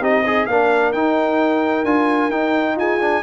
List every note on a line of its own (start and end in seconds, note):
0.00 0.46 C4
0.00 0.24 D#4
0.00 0.23 G4
0.00 0.46 D#5
0.23 0.46 D#4
0.23 0.49 G#4
0.46 0.92 A#3
0.46 0.94 D4
0.46 2.78 A#4
0.46 0.92 F5
0.92 1.84 D#4
0.92 1.85 D#4
0.92 1.84 G5
1.84 2.30 D4
1.84 2.31 F4
1.84 2.30 G#5
2.30 2.76 D#4
2.30 3.00 D#4
2.30 2.77 G5
2.76 3.22 F4
2.76 3.23 G#4
2.76 3.23 G#5
3.00 3.23 D4